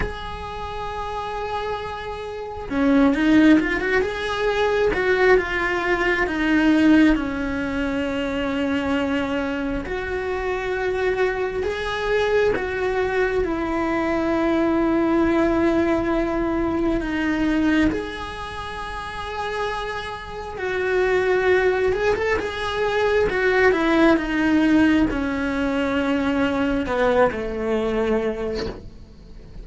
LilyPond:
\new Staff \with { instrumentName = "cello" } { \time 4/4 \tempo 4 = 67 gis'2. cis'8 dis'8 | f'16 fis'16 gis'4 fis'8 f'4 dis'4 | cis'2. fis'4~ | fis'4 gis'4 fis'4 e'4~ |
e'2. dis'4 | gis'2. fis'4~ | fis'8 gis'16 a'16 gis'4 fis'8 e'8 dis'4 | cis'2 b8 a4. | }